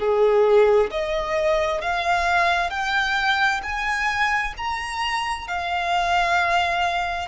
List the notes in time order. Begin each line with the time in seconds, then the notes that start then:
0.00 G#4
0.91 D#5
1.81 F5
2.70 G5
3.63 G#5
4.57 A#5
5.48 F5